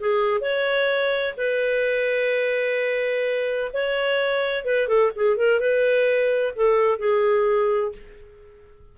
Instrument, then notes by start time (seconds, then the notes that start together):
clarinet
0.00 G#4
0.41 C#5
1.37 B4
3.73 C#5
4.65 B4
4.88 A4
5.16 G#4
5.37 A#4
5.60 B4
6.56 A4
6.99 G#4